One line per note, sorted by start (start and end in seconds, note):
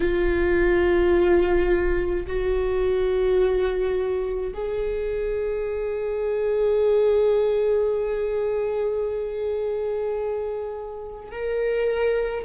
0.00 2.26 F4
2.26 4.53 F#4
4.53 11.32 G#4
11.32 12.44 A#4